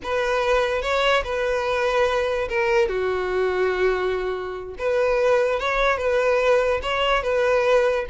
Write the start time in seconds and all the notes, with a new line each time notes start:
0.03 B4
0.82 C#5
1.24 B4
2.48 A#4
2.88 F#4
4.78 B4
5.59 C#5
5.97 B4
6.82 C#5
7.23 B4